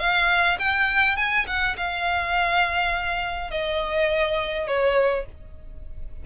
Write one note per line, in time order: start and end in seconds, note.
0.00 0.58 F5
0.59 1.17 G5
1.17 1.46 G#5
1.47 1.77 F#5
1.78 3.51 F5
3.51 4.68 D#5
4.68 5.26 C#5